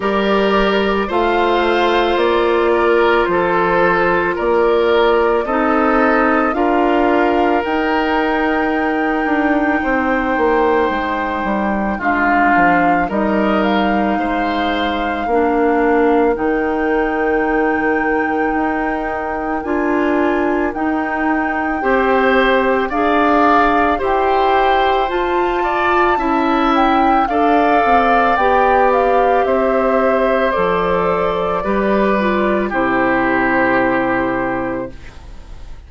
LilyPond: <<
  \new Staff \with { instrumentName = "flute" } { \time 4/4 \tempo 4 = 55 d''4 f''4 d''4 c''4 | d''4 dis''4 f''4 g''4~ | g''2. f''4 | dis''8 f''2~ f''8 g''4~ |
g''2 gis''4 g''4~ | g''4 f''4 g''4 a''4~ | a''8 g''8 f''4 g''8 f''8 e''4 | d''2 c''2 | }
  \new Staff \with { instrumentName = "oboe" } { \time 4/4 ais'4 c''4. ais'8 a'4 | ais'4 a'4 ais'2~ | ais'4 c''2 f'4 | ais'4 c''4 ais'2~ |
ais'1 | c''4 d''4 c''4. d''8 | e''4 d''2 c''4~ | c''4 b'4 g'2 | }
  \new Staff \with { instrumentName = "clarinet" } { \time 4/4 g'4 f'2.~ | f'4 dis'4 f'4 dis'4~ | dis'2. d'4 | dis'2 d'4 dis'4~ |
dis'2 f'4 dis'4 | g'4 gis'4 g'4 f'4 | e'4 a'4 g'2 | a'4 g'8 f'8 e'2 | }
  \new Staff \with { instrumentName = "bassoon" } { \time 4/4 g4 a4 ais4 f4 | ais4 c'4 d'4 dis'4~ | dis'8 d'8 c'8 ais8 gis8 g8 gis8 f8 | g4 gis4 ais4 dis4~ |
dis4 dis'4 d'4 dis'4 | c'4 d'4 e'4 f'4 | cis'4 d'8 c'8 b4 c'4 | f4 g4 c2 | }
>>